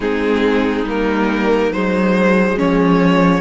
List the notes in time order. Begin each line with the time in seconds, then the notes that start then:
0.00 G#3 C4 D#4 G#4
0.84 G3 A#3 A#4
1.70 F#3 G#3 C5
2.56 F3 C#4 C#5